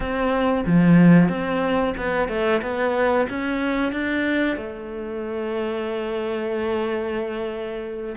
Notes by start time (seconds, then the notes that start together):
0.00 C4
0.66 F3
1.29 C4
1.97 B3
2.28 A3
2.62 B3
3.29 C#4
3.92 D4
4.57 A3